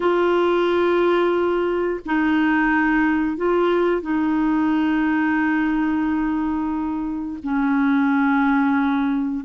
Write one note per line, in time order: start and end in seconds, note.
0.00 2.00 F4
2.05 3.36 D#4
3.36 4.01 F4
4.01 7.38 D#4
7.43 9.45 C#4